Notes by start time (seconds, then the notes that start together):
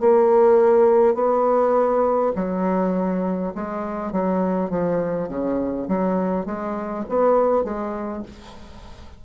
0.00 A#3
1.14 B3
2.35 F#3
3.55 G#3
4.12 F#3
4.70 F3
5.28 C#3
5.88 F#3
6.45 G#3
7.09 B3
7.64 G#3